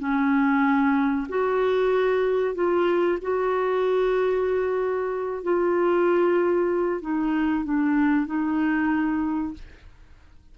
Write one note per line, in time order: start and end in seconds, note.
0.00 1.28 C#4
1.29 2.55 F#4
2.55 3.19 F4
3.22 5.44 F#4
5.44 7.02 F4
7.02 7.65 D#4
7.65 8.27 D4
8.27 9.54 D#4